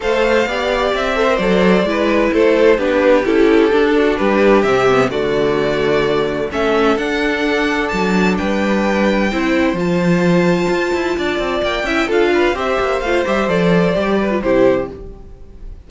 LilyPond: <<
  \new Staff \with { instrumentName = "violin" } { \time 4/4 \tempo 4 = 129 f''2 e''4 d''4~ | d''4 c''4 b'4 a'4~ | a'4 b'4 e''4 d''4~ | d''2 e''4 fis''4~ |
fis''4 a''4 g''2~ | g''4 a''2.~ | a''4 g''4 f''4 e''4 | f''8 e''8 d''2 c''4 | }
  \new Staff \with { instrumentName = "violin" } { \time 4/4 c''4 d''4. c''4. | b'4 a'4 g'2~ | g'8 fis'8 g'2 fis'4~ | fis'2 a'2~ |
a'2 b'2 | c''1 | d''4. e''8 a'8 b'8 c''4~ | c''2~ c''8 b'8 g'4 | }
  \new Staff \with { instrumentName = "viola" } { \time 4/4 a'4 g'4. a'16 ais'16 a'4 | e'2 d'4 e'4 | d'2 c'8 b8 a4~ | a2 cis'4 d'4~ |
d'1 | e'4 f'2.~ | f'4. e'8 f'4 g'4 | f'8 g'8 a'4 g'8. f'16 e'4 | }
  \new Staff \with { instrumentName = "cello" } { \time 4/4 a4 b4 c'4 fis4 | gis4 a4 b4 cis'4 | d'4 g4 c4 d4~ | d2 a4 d'4~ |
d'4 fis4 g2 | c'4 f2 f'8 e'8 | d'8 c'8 ais8 cis'8 d'4 c'8 ais8 | a8 g8 f4 g4 c4 | }
>>